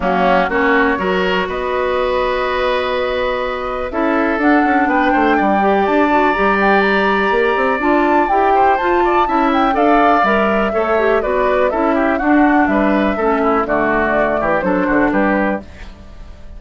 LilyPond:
<<
  \new Staff \with { instrumentName = "flute" } { \time 4/4 \tempo 4 = 123 fis'4 cis''2 dis''4~ | dis''1 | e''4 fis''4 g''2 | a''4 ais''8 g''8 ais''2 |
a''4 g''4 a''4. g''8 | f''4 e''2 d''4 | e''4 fis''4 e''2 | d''2 c''4 b'4 | }
  \new Staff \with { instrumentName = "oboe" } { \time 4/4 cis'4 fis'4 ais'4 b'4~ | b'1 | a'2 b'8 c''8 d''4~ | d''1~ |
d''4. c''4 d''8 e''4 | d''2 cis''4 b'4 | a'8 g'8 fis'4 b'4 a'8 e'8 | fis'4. g'8 a'8 fis'8 g'4 | }
  \new Staff \with { instrumentName = "clarinet" } { \time 4/4 ais4 cis'4 fis'2~ | fis'1 | e'4 d'2~ d'8 g'8~ | g'8 fis'8 g'2. |
f'4 g'4 f'4 e'4 | a'4 ais'4 a'8 g'8 fis'4 | e'4 d'2 cis'4 | a2 d'2 | }
  \new Staff \with { instrumentName = "bassoon" } { \time 4/4 fis4 ais4 fis4 b4~ | b1 | cis'4 d'8 cis'8 b8 a8 g4 | d'4 g2 ais8 c'8 |
d'4 e'4 f'4 cis'4 | d'4 g4 a4 b4 | cis'4 d'4 g4 a4 | d4. e8 fis8 d8 g4 | }
>>